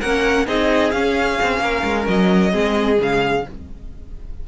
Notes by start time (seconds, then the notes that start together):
0.00 A#3 C#4 A#4 F#5
0.47 C4 D#4 G#4 D#5
0.91 C#4 F5
1.42 C4
1.60 A#3 A#4
1.84 G#3
2.08 F#3 D#5
2.52 G#3 C4 G#4
2.96 C#3 G#3
3.02 F5